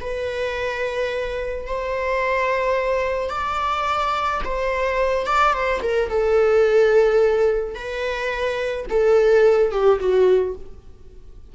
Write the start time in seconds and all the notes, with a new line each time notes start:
0.00 B4
1.66 C5
3.29 D5
4.44 C5
5.26 D5
5.53 C5
5.82 A#4
6.09 A4
7.74 B4
8.89 A4
9.71 G4
9.99 F#4